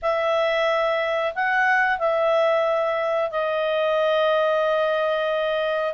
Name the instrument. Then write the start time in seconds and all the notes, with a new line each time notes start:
clarinet
0.01 E5
1.35 F#5
1.98 E5
3.30 D#5